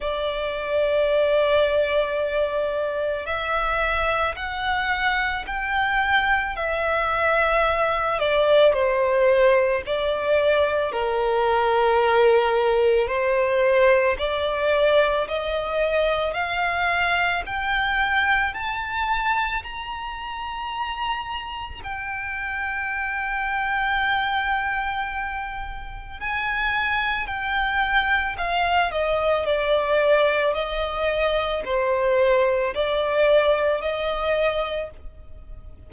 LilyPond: \new Staff \with { instrumentName = "violin" } { \time 4/4 \tempo 4 = 55 d''2. e''4 | fis''4 g''4 e''4. d''8 | c''4 d''4 ais'2 | c''4 d''4 dis''4 f''4 |
g''4 a''4 ais''2 | g''1 | gis''4 g''4 f''8 dis''8 d''4 | dis''4 c''4 d''4 dis''4 | }